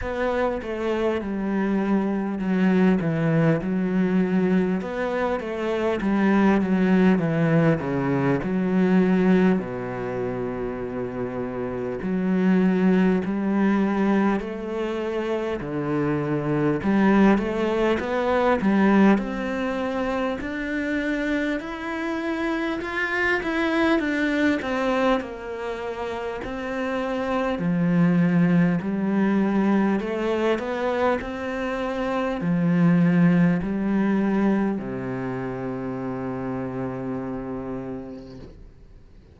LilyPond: \new Staff \with { instrumentName = "cello" } { \time 4/4 \tempo 4 = 50 b8 a8 g4 fis8 e8 fis4 | b8 a8 g8 fis8 e8 cis8 fis4 | b,2 fis4 g4 | a4 d4 g8 a8 b8 g8 |
c'4 d'4 e'4 f'8 e'8 | d'8 c'8 ais4 c'4 f4 | g4 a8 b8 c'4 f4 | g4 c2. | }